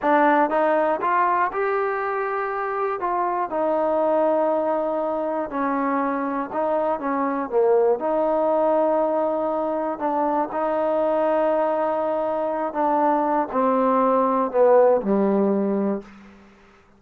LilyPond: \new Staff \with { instrumentName = "trombone" } { \time 4/4 \tempo 4 = 120 d'4 dis'4 f'4 g'4~ | g'2 f'4 dis'4~ | dis'2. cis'4~ | cis'4 dis'4 cis'4 ais4 |
dis'1 | d'4 dis'2.~ | dis'4. d'4. c'4~ | c'4 b4 g2 | }